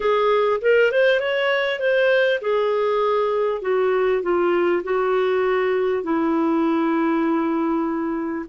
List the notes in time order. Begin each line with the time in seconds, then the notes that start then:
0.00 G#4
0.61 A#4
0.91 C5
1.20 C#5
1.79 C5
2.41 G#4
3.61 F#4
4.22 F4
4.83 F#4
6.03 E4